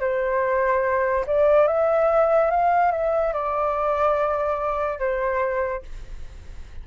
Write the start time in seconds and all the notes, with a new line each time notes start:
0.00 C5
1.27 D5
1.67 E5
2.51 F5
2.91 E5
3.33 D5
4.99 C5